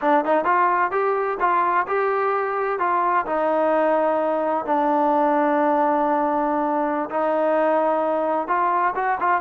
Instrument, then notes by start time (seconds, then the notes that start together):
trombone
0.01 D4
0.25 D#4
0.44 F4
0.91 G4
1.40 F4
1.87 G4
2.79 F4
3.26 D#4
4.65 D4
7.10 D#4
8.47 F4
8.95 F#4
9.20 F4